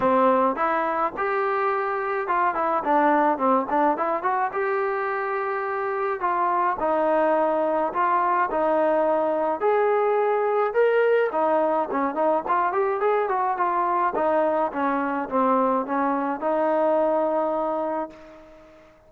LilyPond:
\new Staff \with { instrumentName = "trombone" } { \time 4/4 \tempo 4 = 106 c'4 e'4 g'2 | f'8 e'8 d'4 c'8 d'8 e'8 fis'8 | g'2. f'4 | dis'2 f'4 dis'4~ |
dis'4 gis'2 ais'4 | dis'4 cis'8 dis'8 f'8 g'8 gis'8 fis'8 | f'4 dis'4 cis'4 c'4 | cis'4 dis'2. | }